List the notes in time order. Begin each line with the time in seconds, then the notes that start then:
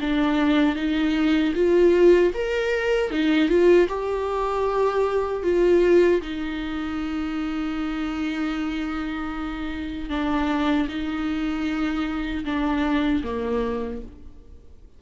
0.00 D4
0.75 D#4
1.54 F4
2.34 A#4
3.11 D#4
3.49 F4
3.88 G4
5.43 F4
6.21 D#4
10.09 D4
10.88 D#4
12.45 D4
13.23 A#3